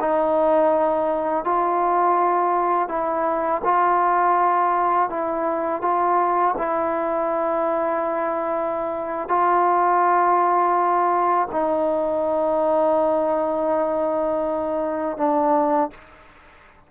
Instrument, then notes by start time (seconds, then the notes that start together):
trombone
0.00 D#4
1.44 F4
2.88 E4
3.64 F4
5.10 E4
5.82 F4
6.58 E4
9.28 F4
11.52 D#4
15.17 D4